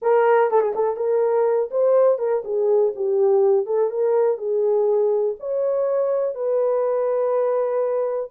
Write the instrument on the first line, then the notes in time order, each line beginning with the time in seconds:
horn
0.02 A#4
0.50 A4
0.60 G#4
0.75 A4
0.96 A#4
1.71 C5
2.18 A#4
2.44 G#4
2.95 G4
3.66 A4
3.90 A#4
4.37 G#4
5.39 C#5
6.34 B4